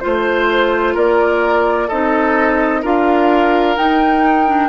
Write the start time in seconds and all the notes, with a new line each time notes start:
0.00 A3 F4 C5
0.94 A#3 A#4 D5
1.88 C4 D#4 A4 D#5
2.82 D4 F4 A#4 F5
3.76 D#4 G5
4.46 D4